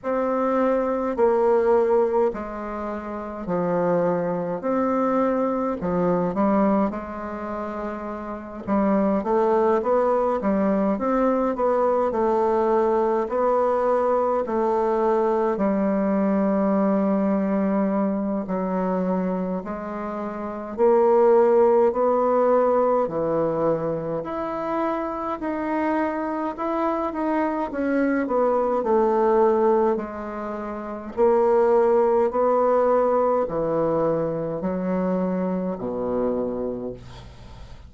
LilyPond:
\new Staff \with { instrumentName = "bassoon" } { \time 4/4 \tempo 4 = 52 c'4 ais4 gis4 f4 | c'4 f8 g8 gis4. g8 | a8 b8 g8 c'8 b8 a4 b8~ | b8 a4 g2~ g8 |
fis4 gis4 ais4 b4 | e4 e'4 dis'4 e'8 dis'8 | cis'8 b8 a4 gis4 ais4 | b4 e4 fis4 b,4 | }